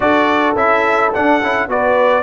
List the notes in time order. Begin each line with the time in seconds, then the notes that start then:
0.00 D4 F#4 A4 D5
0.54 C#4 E4 E5
1.13 D4 F#5
1.42 C#4 E4
1.68 B3 F#4 B4 D5